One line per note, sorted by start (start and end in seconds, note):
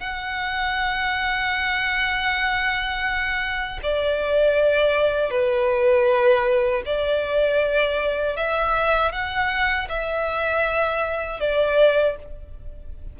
0.00 3.80 F#5
3.83 5.31 D5
5.31 6.83 B4
6.86 8.36 D5
8.36 9.12 E5
9.12 9.88 F#5
9.89 11.40 E5
11.40 12.16 D5